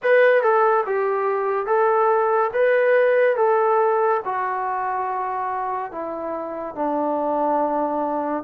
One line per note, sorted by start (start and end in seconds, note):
0.02 0.42 B4
0.42 0.84 A4
0.86 1.66 G4
1.66 2.50 A4
2.53 3.36 B4
3.36 4.20 A4
4.24 5.91 F#4
5.91 6.75 E4
6.75 8.43 D4